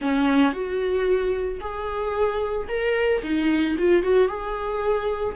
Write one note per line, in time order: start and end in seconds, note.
0.01 0.52 C#4
0.52 1.59 F#4
1.60 2.67 G#4
2.68 3.21 A#4
3.22 3.76 D#4
3.78 4.03 F4
4.03 4.28 F#4
4.28 5.35 G#4